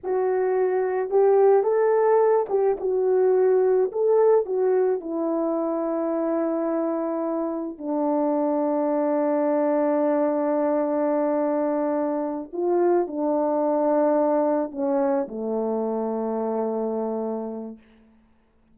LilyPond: \new Staff \with { instrumentName = "horn" } { \time 4/4 \tempo 4 = 108 fis'2 g'4 a'4~ | a'8 g'8 fis'2 a'4 | fis'4 e'2.~ | e'2 d'2~ |
d'1~ | d'2~ d'8 f'4 d'8~ | d'2~ d'8 cis'4 a8~ | a1 | }